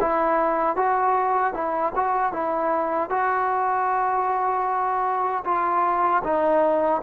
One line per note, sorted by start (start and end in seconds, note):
0.00 0.76 E4
0.76 1.53 F#4
1.53 1.92 E4
1.96 2.32 F#4
2.32 3.10 E4
3.10 5.44 F#4
5.44 6.22 F4
6.24 7.02 D#4